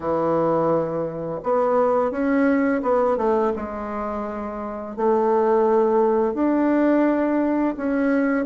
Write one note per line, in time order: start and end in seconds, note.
0.00 1.41 E3
1.43 2.11 B3
2.11 2.81 C#4
2.82 3.17 B3
3.17 3.52 A3
3.56 4.96 G#3
4.96 6.34 A3
6.34 7.75 D4
7.76 8.45 C#4